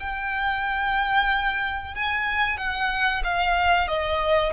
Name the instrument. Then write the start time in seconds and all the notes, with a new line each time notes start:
violin
0.00 G5
1.95 G#5
2.57 F#5
3.24 F5
3.88 D#5